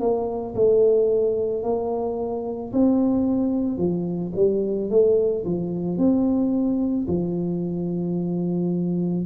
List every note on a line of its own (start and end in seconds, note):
0.00 0.55 A#3
0.55 1.63 A3
1.63 2.72 A#3
2.73 3.78 C4
3.78 4.33 F3
4.36 4.90 G3
4.90 5.45 A3
5.45 5.98 F3
5.98 7.07 C4
7.08 9.26 F3